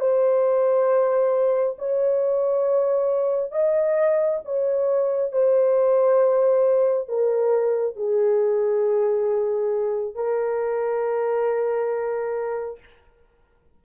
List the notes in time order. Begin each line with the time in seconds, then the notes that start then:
0.00 C5
1.78 C#5
3.51 D#5
4.44 C#5
5.32 C5
7.08 A#4
7.96 G#4
10.15 A#4